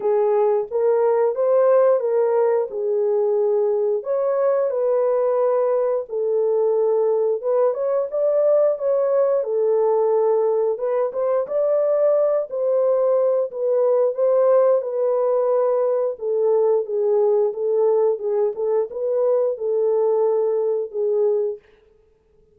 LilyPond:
\new Staff \with { instrumentName = "horn" } { \time 4/4 \tempo 4 = 89 gis'4 ais'4 c''4 ais'4 | gis'2 cis''4 b'4~ | b'4 a'2 b'8 cis''8 | d''4 cis''4 a'2 |
b'8 c''8 d''4. c''4. | b'4 c''4 b'2 | a'4 gis'4 a'4 gis'8 a'8 | b'4 a'2 gis'4 | }